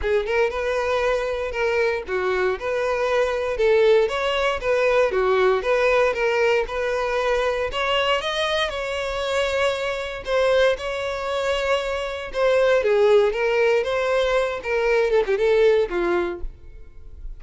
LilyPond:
\new Staff \with { instrumentName = "violin" } { \time 4/4 \tempo 4 = 117 gis'8 ais'8 b'2 ais'4 | fis'4 b'2 a'4 | cis''4 b'4 fis'4 b'4 | ais'4 b'2 cis''4 |
dis''4 cis''2. | c''4 cis''2. | c''4 gis'4 ais'4 c''4~ | c''8 ais'4 a'16 g'16 a'4 f'4 | }